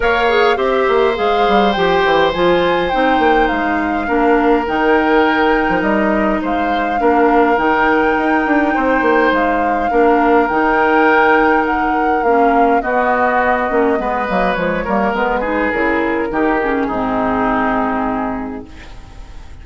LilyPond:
<<
  \new Staff \with { instrumentName = "flute" } { \time 4/4 \tempo 4 = 103 f''4 e''4 f''4 g''4 | gis''4 g''4 f''2 | g''2 dis''4 f''4~ | f''4 g''2. |
f''2 g''2 | fis''4 f''4 dis''2~ | dis''4 cis''4 b'4 ais'4~ | ais'8 gis'2.~ gis'8 | }
  \new Staff \with { instrumentName = "oboe" } { \time 4/4 cis''4 c''2.~ | c''2. ais'4~ | ais'2. c''4 | ais'2. c''4~ |
c''4 ais'2.~ | ais'2 fis'2 | b'4. ais'4 gis'4. | g'4 dis'2. | }
  \new Staff \with { instrumentName = "clarinet" } { \time 4/4 ais'8 gis'8 g'4 gis'4 g'4 | f'4 dis'2 d'4 | dis'1 | d'4 dis'2.~ |
dis'4 d'4 dis'2~ | dis'4 cis'4 b4. cis'8 | b8 ais8 gis8 ais8 b8 dis'8 e'4 | dis'8 cis'8 c'2. | }
  \new Staff \with { instrumentName = "bassoon" } { \time 4/4 ais4 c'8 ais8 gis8 g8 f8 e8 | f4 c'8 ais8 gis4 ais4 | dis4.~ dis16 f16 g4 gis4 | ais4 dis4 dis'8 d'8 c'8 ais8 |
gis4 ais4 dis2~ | dis4 ais4 b4. ais8 | gis8 fis8 f8 g8 gis4 cis4 | dis4 gis,2. | }
>>